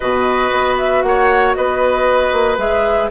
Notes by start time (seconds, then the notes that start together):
0.00 B2 F#4 B4 D#5
0.52 B3
0.78 E5
1.02 A#3 C#5 F#5
1.54 B3 B4 D#5
2.32 A#3
2.57 G#3 G#4 E5